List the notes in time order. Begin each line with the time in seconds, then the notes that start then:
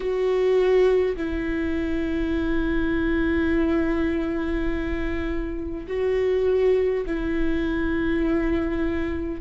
0.00 F#4
1.16 E4
5.87 F#4
7.06 E4